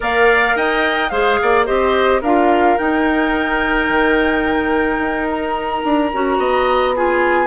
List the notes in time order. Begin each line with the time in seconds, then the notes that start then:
0.00 A#3 A#4 D5 F5
0.55 D#4 D#5 G5
1.09 G#3 G#4 C5 F5
1.42 A#3 D5
1.65 C4 G4 C5 D#5
2.21 D4 F4 A#4 F5
2.78 D#4 G5
3.89 D#3
4.98 D#4
5.30 A#5
5.84 D4
6.13 C#4 F#4
6.37 B3 D#5
6.95 F4 G#4 G#5